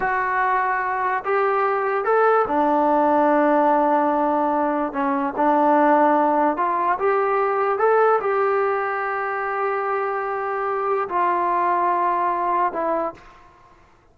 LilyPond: \new Staff \with { instrumentName = "trombone" } { \time 4/4 \tempo 4 = 146 fis'2. g'4~ | g'4 a'4 d'2~ | d'1 | cis'4 d'2. |
f'4 g'2 a'4 | g'1~ | g'2. f'4~ | f'2. e'4 | }